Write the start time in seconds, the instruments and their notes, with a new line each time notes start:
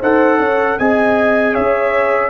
0.00 tuba D#4, trombone A4, horn C5, trumpet F#5
0.39 tuba C#4, horn C#5
0.79 tuba C4, trombone G#4, horn D#5, trumpet G#5
1.53 tuba C#4, horn C#5, trumpet E5